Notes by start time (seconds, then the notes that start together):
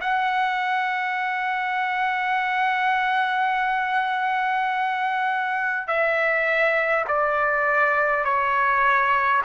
0.00 F#5
5.87 E5
7.07 D5
8.24 C#5